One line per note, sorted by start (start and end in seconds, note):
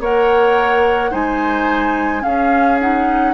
0.00 1.11 A#3
0.00 1.11 A#4
0.00 1.11 C#5
0.00 1.14 F#5
1.11 2.24 G#3
1.11 2.21 D#4
1.11 2.22 C5
1.11 2.23 G#5
2.21 2.76 C#4
2.21 3.34 C#4
2.21 3.34 G#4
2.21 2.79 F5
2.81 3.34 D#4
2.81 3.34 F#5